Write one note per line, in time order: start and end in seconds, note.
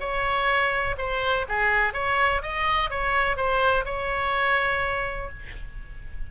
0.00 0.96 C#5
0.98 1.46 C5
1.49 1.94 G#4
1.94 2.42 C#5
2.43 2.90 D#5
2.90 3.37 C#5
3.37 3.85 C5
3.86 5.30 C#5